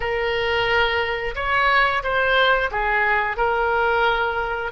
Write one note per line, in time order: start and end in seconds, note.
0.00 1.35 A#4
1.35 2.02 C#5
2.03 2.70 C5
2.71 3.36 G#4
3.36 4.71 A#4